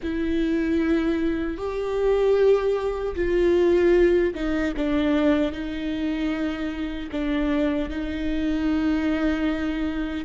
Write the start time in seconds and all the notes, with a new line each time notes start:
0.03 E4
1.57 G4
3.15 F4
4.34 D#4
4.77 D4
5.52 D#4
7.11 D4
7.89 D#4